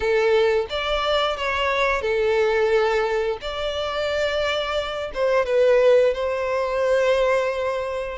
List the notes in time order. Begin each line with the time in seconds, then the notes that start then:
0.00 A4
0.69 D5
1.36 C#5
2.01 A4
3.41 D5
5.14 C5
5.45 B4
6.14 C5